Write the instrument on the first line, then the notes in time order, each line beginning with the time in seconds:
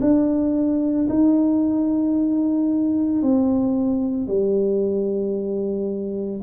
tuba
0.00 D4
1.09 D#4
3.22 C4
4.27 G3